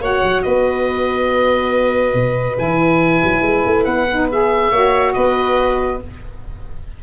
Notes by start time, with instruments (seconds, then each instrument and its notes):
0.00 tuba A#3, saxophone F#4, violin C#5, oboe F#5
0.22 tuba F#3
0.42 tuba B3, violin B4, oboe D#5
2.14 tuba B2
2.56 tuba E3, saxophone E4, oboe G#5
3.24 tuba F#3
3.42 tuba G#3
3.66 tuba A3
3.85 tuba B3, oboe F#5
4.11 saxophone D#4
4.32 saxophone G#4, oboe E5
4.71 tuba A#3, saxophone F#4, violin C#5
5.13 tuba B3, violin B4, oboe D#5